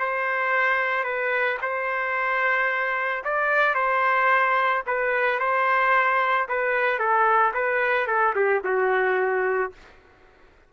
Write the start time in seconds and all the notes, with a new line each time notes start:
0.00 C5
1.04 B4
1.62 C5
3.25 D5
3.75 C5
4.87 B4
5.40 C5
6.49 B4
7.00 A4
7.54 B4
8.08 A4
8.36 G4
8.65 F#4